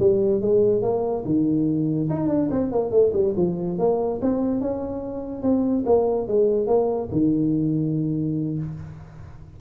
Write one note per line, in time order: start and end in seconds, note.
0.00 0.41 G3
0.41 0.82 G#3
0.82 1.24 A#3
1.25 2.09 D#3
2.10 2.28 D#4
2.28 2.49 D4
2.51 2.72 C4
2.72 2.91 A#3
2.91 3.12 A3
3.13 3.34 G3
3.36 3.78 F3
3.79 4.21 A#3
4.22 4.61 C4
4.61 5.42 C#4
5.42 5.84 C4
5.86 6.27 A#3
6.27 6.67 G#3
6.67 7.09 A#3
7.12 8.59 D#3